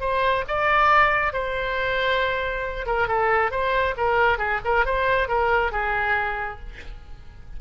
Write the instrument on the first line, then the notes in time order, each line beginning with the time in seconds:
oboe
0.00 C5
0.47 D5
1.33 C5
2.86 A#4
3.08 A4
3.51 C5
3.97 A#4
4.38 G#4
4.64 A#4
4.85 C5
5.28 A#4
5.71 G#4